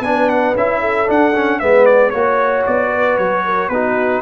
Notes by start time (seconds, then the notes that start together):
0.00 B3 D4 B4 G#5
0.29 F#5
0.54 C#4 E4 E5
0.80 A4
1.06 D4 F#5
1.35 C#4
1.59 G#3 B3 B4 E5
1.85 D5
2.10 A#3 F#4 C#5
2.66 B3 D5
2.91 B4
3.17 F#3 C#5
3.44 A#4
3.69 B3 D#4 F#4 B4